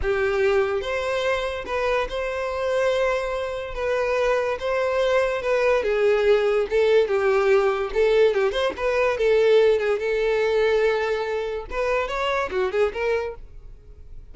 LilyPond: \new Staff \with { instrumentName = "violin" } { \time 4/4 \tempo 4 = 144 g'2 c''2 | b'4 c''2.~ | c''4 b'2 c''4~ | c''4 b'4 gis'2 |
a'4 g'2 a'4 | g'8 c''8 b'4 a'4. gis'8 | a'1 | b'4 cis''4 fis'8 gis'8 ais'4 | }